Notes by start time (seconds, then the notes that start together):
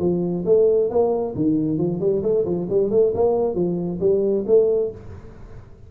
0.00 F3
0.46 A3
0.90 A#3
1.36 D#3
1.78 F3
2.00 G3
2.23 A3
2.45 F3
2.70 G3
2.91 A3
3.15 A#3
3.55 F3
4.00 G3
4.47 A3